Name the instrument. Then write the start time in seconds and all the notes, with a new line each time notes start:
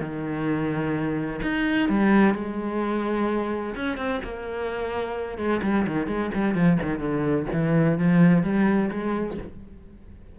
cello
0.00 D#3
1.42 D#4
1.89 G3
2.34 G#3
3.75 C#4
3.97 C4
4.24 A#3
5.38 G#3
5.62 G3
5.87 D#3
6.07 G#3
6.34 G3
6.55 F3
6.82 D#3
6.99 D3
7.53 E3
7.98 F3
8.43 G3
8.91 G#3